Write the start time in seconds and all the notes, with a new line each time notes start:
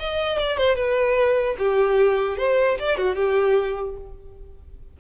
0.00 D#5
0.39 D5
0.58 C5
0.76 B4
1.59 G4
2.38 C5
2.79 D5
2.98 F#4
3.16 G4